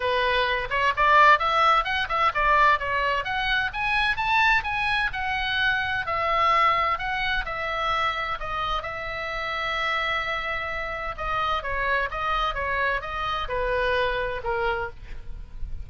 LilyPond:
\new Staff \with { instrumentName = "oboe" } { \time 4/4 \tempo 4 = 129 b'4. cis''8 d''4 e''4 | fis''8 e''8 d''4 cis''4 fis''4 | gis''4 a''4 gis''4 fis''4~ | fis''4 e''2 fis''4 |
e''2 dis''4 e''4~ | e''1 | dis''4 cis''4 dis''4 cis''4 | dis''4 b'2 ais'4 | }